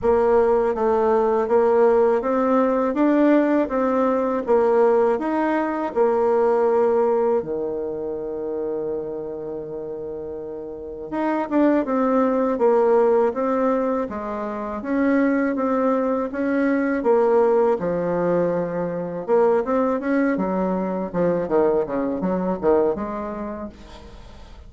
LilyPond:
\new Staff \with { instrumentName = "bassoon" } { \time 4/4 \tempo 4 = 81 ais4 a4 ais4 c'4 | d'4 c'4 ais4 dis'4 | ais2 dis2~ | dis2. dis'8 d'8 |
c'4 ais4 c'4 gis4 | cis'4 c'4 cis'4 ais4 | f2 ais8 c'8 cis'8 fis8~ | fis8 f8 dis8 cis8 fis8 dis8 gis4 | }